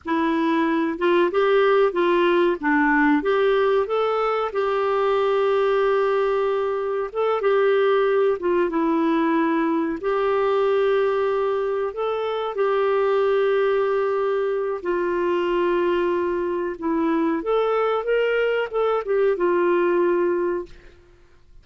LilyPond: \new Staff \with { instrumentName = "clarinet" } { \time 4/4 \tempo 4 = 93 e'4. f'8 g'4 f'4 | d'4 g'4 a'4 g'4~ | g'2. a'8 g'8~ | g'4 f'8 e'2 g'8~ |
g'2~ g'8 a'4 g'8~ | g'2. f'4~ | f'2 e'4 a'4 | ais'4 a'8 g'8 f'2 | }